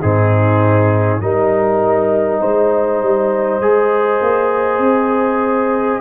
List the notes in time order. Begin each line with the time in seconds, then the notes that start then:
0.00 G#2 C4 D#4 G#4
1.19 G3 D#4 A#4 D#5
2.41 G#3 C5
3.02 G3
3.60 G#3 G#4
4.21 A#3
4.78 C4